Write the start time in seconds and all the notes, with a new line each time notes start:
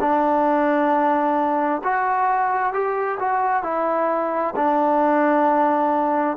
0.00 D4
1.83 F#4
2.73 G4
3.19 F#4
3.63 E4
4.55 D4